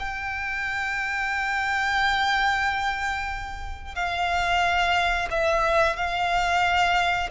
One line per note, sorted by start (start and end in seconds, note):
0.00 3.96 G5
3.96 5.29 F5
5.31 5.97 E5
5.97 7.30 F5